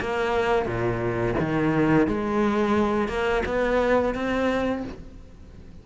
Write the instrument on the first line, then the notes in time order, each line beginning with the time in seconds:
cello
0.00 A#3
0.66 A#2
1.39 D#3
2.07 G#3
3.08 A#3
3.45 B3
4.14 C4